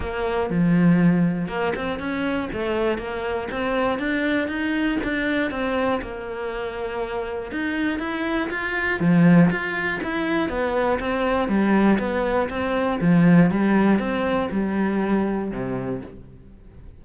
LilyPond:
\new Staff \with { instrumentName = "cello" } { \time 4/4 \tempo 4 = 120 ais4 f2 ais8 c'8 | cis'4 a4 ais4 c'4 | d'4 dis'4 d'4 c'4 | ais2. dis'4 |
e'4 f'4 f4 f'4 | e'4 b4 c'4 g4 | b4 c'4 f4 g4 | c'4 g2 c4 | }